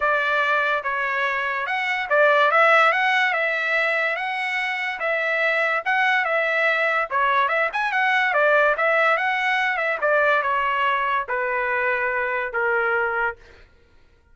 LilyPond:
\new Staff \with { instrumentName = "trumpet" } { \time 4/4 \tempo 4 = 144 d''2 cis''2 | fis''4 d''4 e''4 fis''4 | e''2 fis''2 | e''2 fis''4 e''4~ |
e''4 cis''4 e''8 gis''8 fis''4 | d''4 e''4 fis''4. e''8 | d''4 cis''2 b'4~ | b'2 ais'2 | }